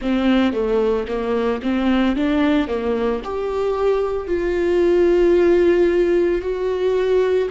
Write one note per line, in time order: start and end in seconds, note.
0.01 0.53 C4
0.53 1.06 A3
1.07 1.61 A#3
1.62 2.15 C4
2.15 2.67 D4
2.67 3.21 A#3
3.23 4.27 G4
4.27 6.41 F4
6.41 7.49 F#4